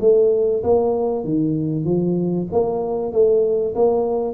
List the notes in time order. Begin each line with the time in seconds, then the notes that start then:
0.00 A3
0.63 A#3
1.24 D#3
1.84 F3
2.52 A#3
3.12 A3
3.75 A#3